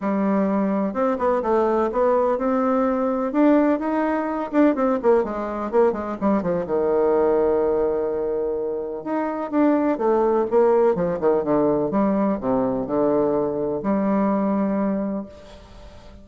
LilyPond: \new Staff \with { instrumentName = "bassoon" } { \time 4/4 \tempo 4 = 126 g2 c'8 b8 a4 | b4 c'2 d'4 | dis'4. d'8 c'8 ais8 gis4 | ais8 gis8 g8 f8 dis2~ |
dis2. dis'4 | d'4 a4 ais4 f8 dis8 | d4 g4 c4 d4~ | d4 g2. | }